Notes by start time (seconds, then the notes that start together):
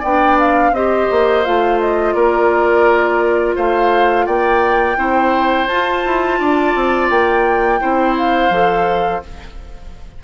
0.00 B3 D4 D5 G5
0.40 F5
0.72 C4 G4 C5 D#5
1.11 A#3
1.45 A3 F4 F5
1.80 D#5
2.14 A#3 A#4 D5
3.56 A3 C5 F5
4.26 A#3 D5 G5
4.97 C4 E4 C5
5.67 F4 A5
6.06 E4
6.39 D4 D5
6.75 C4
7.10 A#3 G5
7.80 C4 E4 C5
8.18 F5
8.50 F3 A4